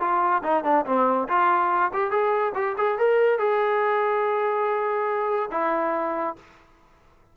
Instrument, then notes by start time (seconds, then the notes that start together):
trombone
0.00 F4
0.43 D#4
0.64 D4
0.86 C4
1.28 F4
1.93 G4
2.10 G#4
2.55 G4
2.78 G#4
2.98 A#4
3.39 G#4
5.51 E4